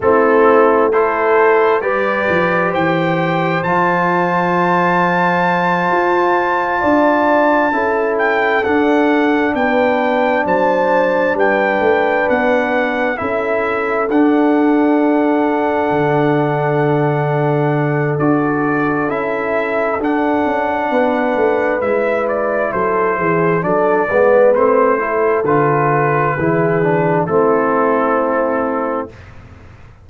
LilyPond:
<<
  \new Staff \with { instrumentName = "trumpet" } { \time 4/4 \tempo 4 = 66 a'4 c''4 d''4 g''4 | a''1~ | a''4 g''8 fis''4 g''4 a''8~ | a''8 g''4 fis''4 e''4 fis''8~ |
fis''1 | d''4 e''4 fis''2 | e''8 d''8 c''4 d''4 c''4 | b'2 a'2 | }
  \new Staff \with { instrumentName = "horn" } { \time 4/4 e'4 a'4 b'4 c''4~ | c''2.~ c''8 d''8~ | d''8 a'2 b'4 c''8~ | c''8 b'2 a'4.~ |
a'1~ | a'2. b'4~ | b'4 a'8 gis'8 a'8 b'4 a'8~ | a'4 gis'4 e'2 | }
  \new Staff \with { instrumentName = "trombone" } { \time 4/4 c'4 e'4 g'2 | f'1~ | f'8 e'4 d'2~ d'8~ | d'2~ d'8 e'4 d'8~ |
d'1 | fis'4 e'4 d'2 | e'2 d'8 b8 c'8 e'8 | f'4 e'8 d'8 c'2 | }
  \new Staff \with { instrumentName = "tuba" } { \time 4/4 a2 g8 f8 e4 | f2~ f8 f'4 d'8~ | d'8 cis'4 d'4 b4 fis8~ | fis8 g8 a8 b4 cis'4 d'8~ |
d'4. d2~ d8 | d'4 cis'4 d'8 cis'8 b8 a8 | gis4 fis8 e8 fis8 gis8 a4 | d4 e4 a2 | }
>>